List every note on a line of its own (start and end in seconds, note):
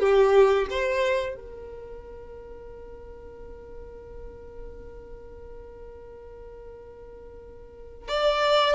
0.00 0.67 G4
0.70 1.35 C5
1.35 8.08 A#4
8.08 8.75 D5